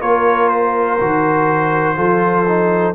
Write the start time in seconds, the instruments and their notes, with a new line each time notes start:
0.00 tuba A#3, trombone F4, horn A#4, trumpet C#5
0.49 trumpet C5
1.00 tuba D#3, trombone F#4
1.95 tuba F3, trombone F4, horn A4
2.48 trombone D#4